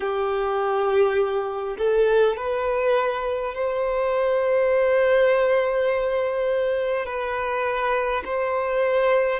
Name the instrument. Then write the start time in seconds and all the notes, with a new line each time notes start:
violin
0.00 G4
1.78 A4
2.36 B4
3.54 C5
7.05 B4
8.25 C5